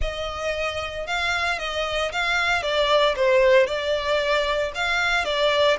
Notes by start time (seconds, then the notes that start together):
0.01 D#5
1.06 F5
1.59 D#5
2.12 F5
2.62 D5
3.16 C5
3.67 D5
4.75 F5
5.24 D5